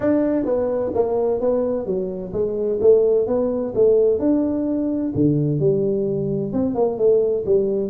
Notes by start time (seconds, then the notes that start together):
0.00 D4
0.45 B3
0.94 A#3
1.40 B3
1.85 F#3
2.32 G#3
2.80 A3
3.27 B3
3.74 A3
4.19 D4
5.14 D3
5.59 G3
6.52 C4
6.74 A#3
6.98 A3
7.45 G3